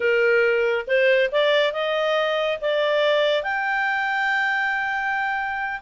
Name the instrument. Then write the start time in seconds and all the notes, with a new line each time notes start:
clarinet
0.00 A#4
0.87 C5
1.31 D5
1.72 D#5
2.61 D5
3.43 G5